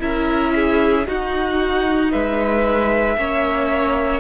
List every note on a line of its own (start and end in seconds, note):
0.00 1.07 C#4
0.00 1.05 E4
0.00 0.54 A#4
0.00 1.06 E5
0.55 1.08 G#4
1.05 3.16 D#4
1.05 2.13 D#4
1.05 2.12 F#4
1.05 2.12 F#5
2.12 3.17 G#3
2.12 3.17 B4
2.12 4.20 E5
3.17 4.20 A#3
3.17 4.20 C#4
3.17 4.20 C#5